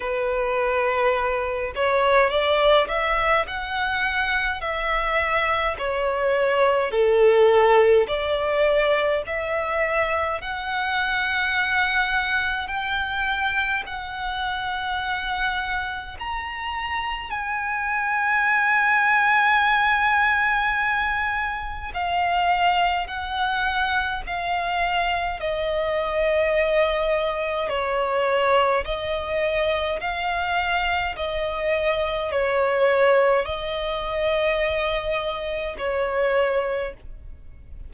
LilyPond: \new Staff \with { instrumentName = "violin" } { \time 4/4 \tempo 4 = 52 b'4. cis''8 d''8 e''8 fis''4 | e''4 cis''4 a'4 d''4 | e''4 fis''2 g''4 | fis''2 ais''4 gis''4~ |
gis''2. f''4 | fis''4 f''4 dis''2 | cis''4 dis''4 f''4 dis''4 | cis''4 dis''2 cis''4 | }